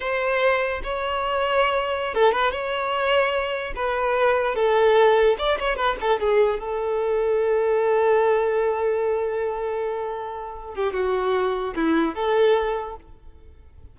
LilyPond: \new Staff \with { instrumentName = "violin" } { \time 4/4 \tempo 4 = 148 c''2 cis''2~ | cis''4~ cis''16 a'8 b'8 cis''4.~ cis''16~ | cis''4~ cis''16 b'2 a'8.~ | a'4~ a'16 d''8 cis''8 b'8 a'8 gis'8.~ |
gis'16 a'2.~ a'8.~ | a'1~ | a'2~ a'8 g'8 fis'4~ | fis'4 e'4 a'2 | }